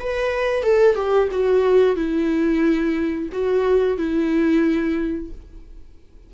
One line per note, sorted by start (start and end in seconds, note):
0.00 0.63 B4
0.63 0.96 A4
0.96 1.29 G4
1.32 1.96 F#4
1.96 3.29 E4
3.32 3.98 F#4
3.98 5.31 E4